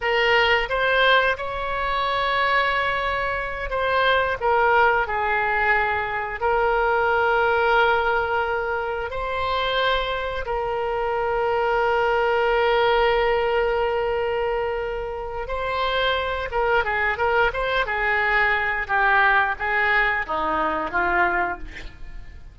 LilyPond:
\new Staff \with { instrumentName = "oboe" } { \time 4/4 \tempo 4 = 89 ais'4 c''4 cis''2~ | cis''4. c''4 ais'4 gis'8~ | gis'4. ais'2~ ais'8~ | ais'4. c''2 ais'8~ |
ais'1~ | ais'2. c''4~ | c''8 ais'8 gis'8 ais'8 c''8 gis'4. | g'4 gis'4 dis'4 f'4 | }